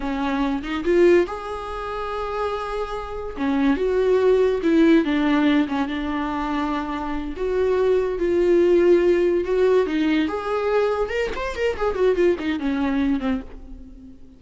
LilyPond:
\new Staff \with { instrumentName = "viola" } { \time 4/4 \tempo 4 = 143 cis'4. dis'8 f'4 gis'4~ | gis'1 | cis'4 fis'2 e'4 | d'4. cis'8 d'2~ |
d'4. fis'2 f'8~ | f'2~ f'8 fis'4 dis'8~ | dis'8 gis'2 ais'8 c''8 ais'8 | gis'8 fis'8 f'8 dis'8 cis'4. c'8 | }